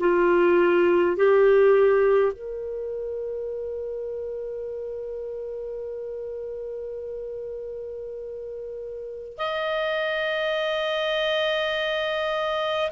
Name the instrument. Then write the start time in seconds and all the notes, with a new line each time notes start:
clarinet
0.00 F4
1.17 G4
2.34 A#4
9.38 D#5